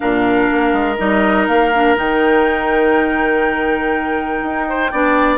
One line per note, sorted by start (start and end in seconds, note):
0.00 0.51 A#2
0.00 0.97 D4
0.00 4.68 A#4
0.00 0.96 F5
0.51 0.72 A#3
0.72 0.97 G#3
0.97 1.48 G3
0.97 1.71 D#4
0.97 1.46 D#5
1.47 1.97 A#3
1.47 1.96 F5
1.74 1.96 D4
1.96 4.42 D#3
1.96 4.91 D#4
1.96 5.38 G5
4.42 4.91 D#4
4.68 4.91 C5
4.91 5.38 B3
4.91 5.38 D4
4.91 5.38 D5